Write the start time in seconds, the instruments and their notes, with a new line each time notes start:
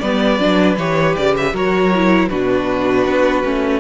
0.00 cello G3, viola B3, violin B4 D5
0.39 cello F#3, viola D4
0.78 cello E3, viola G4, violin C#5
1.16 cello C#3, violin D5
1.37 violin E5
1.53 cello F#3, viola F#4, violin A#4 C#5
1.95 viola E4
2.28 cello B2, viola D4, violin F#4 B4
3.06 cello B3
3.44 cello A3, viola C#4